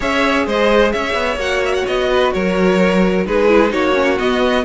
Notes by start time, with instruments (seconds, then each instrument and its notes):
0.00 cello C#4, viola G#4, violin C#5 E5
0.46 cello G#3, violin C5 D#5
0.91 cello C#4, violin C#5 E5
1.13 cello B3
1.36 cello A#3, viola F#4, violin F#5
1.64 violin E5
1.74 violin F#5
1.86 cello B3, violin D#5
2.09 violin B4
2.32 cello F#3, violin A#4 C#5
3.25 cello G#3, viola D#4, violin G#4 B4
3.48 viola E4
3.69 cello A#3, viola D#4, violin F#4 C#5
3.94 viola C#4
4.18 viola B3, cello B3, violin D#5